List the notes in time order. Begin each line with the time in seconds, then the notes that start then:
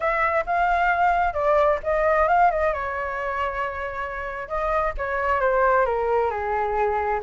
0.00 E5
0.46 F5
1.33 D5
1.83 D#5
2.28 F5
2.50 D#5
2.73 C#5
4.48 D#5
4.97 C#5
5.40 C5
5.85 A#4
6.30 G#4